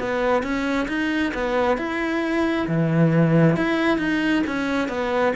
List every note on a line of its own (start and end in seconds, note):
0.00 0.43 B3
0.43 0.88 C#4
0.89 1.34 D#4
1.34 1.78 B3
1.78 2.68 E4
2.68 3.57 E3
3.57 3.99 E4
3.99 4.43 D#4
4.47 4.89 C#4
4.89 5.34 B3